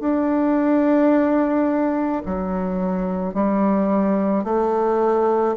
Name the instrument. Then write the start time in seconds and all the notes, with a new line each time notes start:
bassoon
0.00 D4
2.25 F#3
3.34 G3
4.43 A3